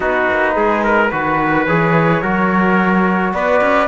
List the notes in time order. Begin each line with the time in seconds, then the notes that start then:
0.00 B3 D#4 F#4 B4
0.30 A#3
0.55 G#3 G#4
0.83 A#4
1.11 D#3 F#4 B4
1.65 E3 G#4 C#5
2.22 F#3 F#4 A#4
3.33 B3 B4 D5
3.61 C#4